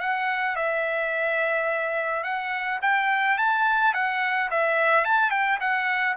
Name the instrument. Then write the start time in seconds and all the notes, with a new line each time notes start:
trumpet
0.00 F#5
0.56 E5
2.23 F#5
2.82 G5
3.38 A5
3.94 F#5
4.50 E5
5.05 A5
5.31 G5
5.60 F#5